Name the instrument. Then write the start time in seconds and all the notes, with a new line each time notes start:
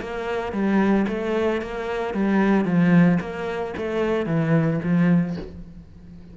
cello
0.00 A#3
0.52 G3
1.08 A3
1.61 A#3
2.13 G3
2.64 F3
3.20 A#3
3.77 A3
4.25 E3
4.83 F3